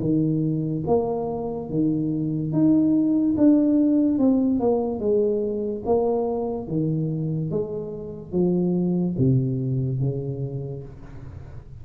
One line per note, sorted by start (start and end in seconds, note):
0.00 0.83 D#3
0.87 1.69 A#3
1.69 2.52 D#3
2.52 3.35 D#4
3.37 4.18 D4
4.18 4.59 C4
4.59 4.99 A#3
4.99 5.83 G#3
5.85 6.67 A#3
6.67 7.51 D#3
7.51 8.32 G#3
8.32 9.15 F3
9.18 10.00 C3
10.00 10.83 C#3